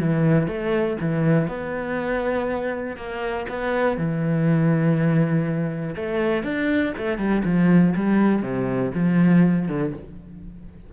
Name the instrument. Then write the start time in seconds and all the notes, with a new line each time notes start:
cello
0.00 E3
0.48 A3
1.01 E3
1.48 B3
2.97 A#3
3.49 B3
3.97 E3
5.96 A3
6.44 D4
6.97 A3
7.18 G3
7.45 F3
7.96 G3
8.43 C3
8.94 F3
9.69 D3